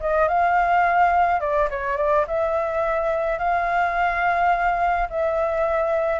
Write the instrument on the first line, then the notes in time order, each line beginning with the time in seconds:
flute
0.00 D#5
0.28 F5
1.40 D5
1.70 C#5
1.97 D5
2.27 E5
3.38 F5
5.10 E5